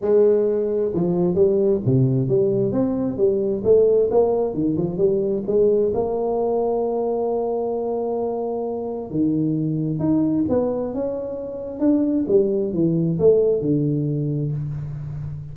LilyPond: \new Staff \with { instrumentName = "tuba" } { \time 4/4 \tempo 4 = 132 gis2 f4 g4 | c4 g4 c'4 g4 | a4 ais4 dis8 f8 g4 | gis4 ais2.~ |
ais1 | dis2 dis'4 b4 | cis'2 d'4 g4 | e4 a4 d2 | }